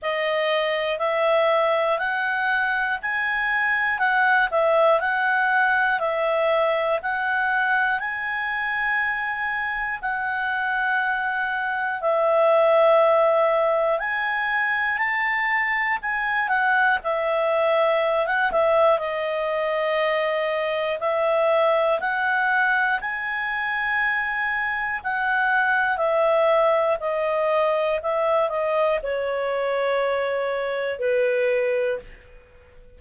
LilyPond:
\new Staff \with { instrumentName = "clarinet" } { \time 4/4 \tempo 4 = 60 dis''4 e''4 fis''4 gis''4 | fis''8 e''8 fis''4 e''4 fis''4 | gis''2 fis''2 | e''2 gis''4 a''4 |
gis''8 fis''8 e''4~ e''16 fis''16 e''8 dis''4~ | dis''4 e''4 fis''4 gis''4~ | gis''4 fis''4 e''4 dis''4 | e''8 dis''8 cis''2 b'4 | }